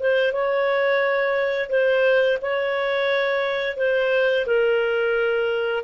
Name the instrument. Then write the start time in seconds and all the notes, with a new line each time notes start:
clarinet
0.00 C5
0.33 C#5
1.70 C5
2.42 C#5
3.77 C5
4.46 A#4